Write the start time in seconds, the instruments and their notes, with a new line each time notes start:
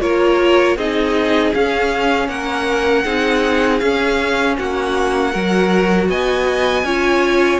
0.00 cello A#3, viola F4, violin A#4 C#5
0.76 cello C4, viola D#4, violin G#4 D#5
1.54 cello C#4, viola C#4, violin F5
2.28 cello A#3, violin A#4 F#5
3.04 cello C4, viola D#4, violin G#4
3.78 cello C#4, viola C#4, violin F5
4.58 cello A#3, violin F#4 F#5
5.31 cello F#3, viola F#4, violin A#4
6.08 cello B3, violin D#5 G#5
6.83 cello C#4, viola F4, violin C#5